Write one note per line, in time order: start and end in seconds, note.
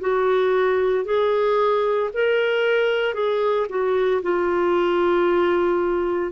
0.00 1.04 F#4
1.04 2.10 G#4
2.13 3.13 A#4
3.13 3.66 G#4
3.68 4.21 F#4
4.22 6.32 F4